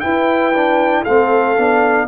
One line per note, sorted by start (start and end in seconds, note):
0.00 0.53 E4
0.00 1.06 E4
0.00 1.02 B4
0.00 1.03 G5
0.53 1.05 D4
1.02 1.57 A3
1.02 1.57 C4
1.02 2.06 A4
1.02 2.07 F5
1.57 2.07 B3
1.57 2.07 D4